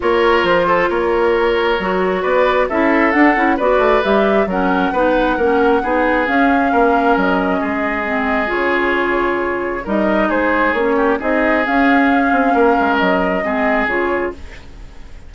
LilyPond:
<<
  \new Staff \with { instrumentName = "flute" } { \time 4/4 \tempo 4 = 134 cis''4 c''4 cis''2~ | cis''4 d''4 e''4 fis''4 | d''4 e''4 fis''2~ | fis''2 f''2 |
dis''2. cis''4~ | cis''2 dis''4 c''4 | cis''4 dis''4 f''2~ | f''4 dis''2 cis''4 | }
  \new Staff \with { instrumentName = "oboe" } { \time 4/4 ais'4. a'8 ais'2~ | ais'4 b'4 a'2 | b'2 ais'4 b'4 | ais'4 gis'2 ais'4~ |
ais'4 gis'2.~ | gis'2 ais'4 gis'4~ | gis'8 g'8 gis'2. | ais'2 gis'2 | }
  \new Staff \with { instrumentName = "clarinet" } { \time 4/4 f'1 | fis'2 e'4 d'8 e'8 | fis'4 g'4 cis'4 dis'4 | cis'4 dis'4 cis'2~ |
cis'2 c'4 f'4~ | f'2 dis'2 | cis'4 dis'4 cis'2~ | cis'2 c'4 f'4 | }
  \new Staff \with { instrumentName = "bassoon" } { \time 4/4 ais4 f4 ais2 | fis4 b4 cis'4 d'8 cis'8 | b8 a8 g4 fis4 b4 | ais4 b4 cis'4 ais4 |
fis4 gis2 cis4~ | cis2 g4 gis4 | ais4 c'4 cis'4. c'8 | ais8 gis8 fis4 gis4 cis4 | }
>>